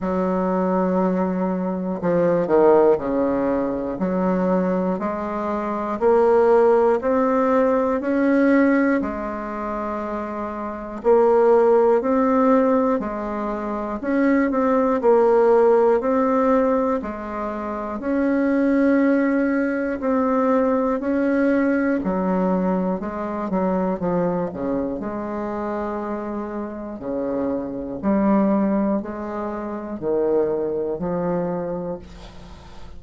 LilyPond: \new Staff \with { instrumentName = "bassoon" } { \time 4/4 \tempo 4 = 60 fis2 f8 dis8 cis4 | fis4 gis4 ais4 c'4 | cis'4 gis2 ais4 | c'4 gis4 cis'8 c'8 ais4 |
c'4 gis4 cis'2 | c'4 cis'4 fis4 gis8 fis8 | f8 cis8 gis2 cis4 | g4 gis4 dis4 f4 | }